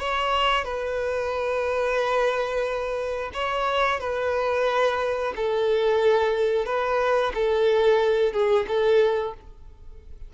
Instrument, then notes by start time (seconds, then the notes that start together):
violin
0.00 C#5
0.65 B4
3.34 C#5
4.01 B4
5.36 A4
6.66 B4
7.35 A4
8.33 G#4
8.68 A4